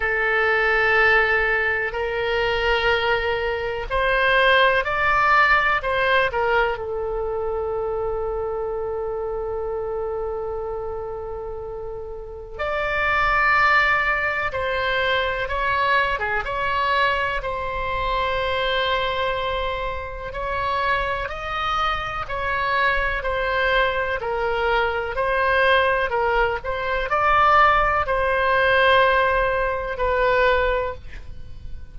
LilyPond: \new Staff \with { instrumentName = "oboe" } { \time 4/4 \tempo 4 = 62 a'2 ais'2 | c''4 d''4 c''8 ais'8 a'4~ | a'1~ | a'4 d''2 c''4 |
cis''8. gis'16 cis''4 c''2~ | c''4 cis''4 dis''4 cis''4 | c''4 ais'4 c''4 ais'8 c''8 | d''4 c''2 b'4 | }